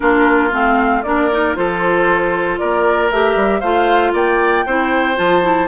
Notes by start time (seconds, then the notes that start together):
0.00 A#3 D4 F4 A#4
0.51 A3 C4 F5
1.02 A#3 D4 A#4 D5
1.31 D#4
1.55 F3 F4 A4 C5
2.58 A#3 A#4 D5
3.10 A3 G4 E5
3.35 G3
3.59 A3 F4 C5 F5
4.13 A#3 D5 G5
4.65 C4 E4 C5
5.15 F3 F4 A5
5.41 E4